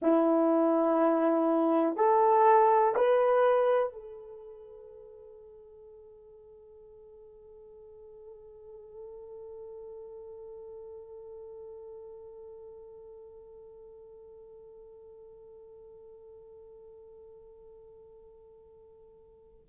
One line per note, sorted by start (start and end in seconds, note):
0.01 1.96 E4
1.96 2.94 A4
2.95 3.93 B4
3.93 19.66 A4